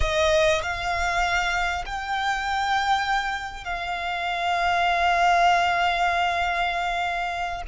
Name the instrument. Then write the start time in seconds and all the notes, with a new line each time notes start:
violin
0.00 D#5
0.62 F5
1.85 G5
3.64 F5